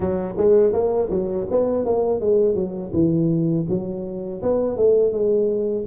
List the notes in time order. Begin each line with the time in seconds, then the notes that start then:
0.00 F#3
0.37 G#3
0.72 A#3
1.10 F#3
1.50 B3
1.85 A#3
2.20 G#3
2.54 F#3
2.93 E3
3.69 F#3
4.42 B3
4.76 A3
5.12 G#3